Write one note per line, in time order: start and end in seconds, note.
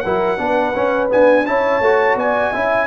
0.00 0.38 F#3
0.00 0.37 E4
0.00 0.40 A#4
0.00 1.07 F#5
0.37 0.74 B3
0.37 0.73 D4
0.37 1.47 B4
0.75 1.09 C#4
0.75 1.11 C#4
1.09 1.45 B3
1.09 1.48 D4
1.09 1.46 G#5
1.46 1.81 C#4
1.46 1.82 E4
1.46 2.17 C#5
1.46 2.17 A5
1.81 2.15 A3
1.81 2.54 F#4
2.15 2.51 B3
2.15 2.52 D5
2.15 2.87 G#5
2.52 2.87 C#4
2.52 2.87 E4
2.52 2.87 E5